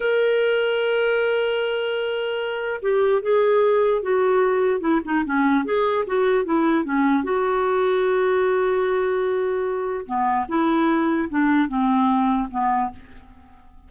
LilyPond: \new Staff \with { instrumentName = "clarinet" } { \time 4/4 \tempo 4 = 149 ais'1~ | ais'2. g'4 | gis'2 fis'2 | e'8 dis'8 cis'4 gis'4 fis'4 |
e'4 cis'4 fis'2~ | fis'1~ | fis'4 b4 e'2 | d'4 c'2 b4 | }